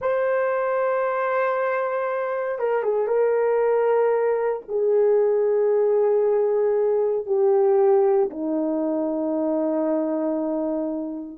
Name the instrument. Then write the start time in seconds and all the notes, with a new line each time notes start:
horn
0.01 C5
2.59 A#4
2.83 G#4
3.07 A#4
4.68 G#4
7.26 G4
8.30 D#4